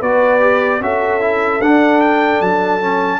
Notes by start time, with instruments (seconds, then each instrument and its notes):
0.00 tuba B3, trombone F#4, horn B4, trumpet D5
0.40 trombone G4
0.80 tuba C#4, trombone F#4, horn A4, trumpet E5
1.20 trombone E4
1.60 tuba D4, trombone D4, trumpet F#5
2.01 trumpet G5
2.40 tuba F#3, trumpet A5
2.81 trombone C#4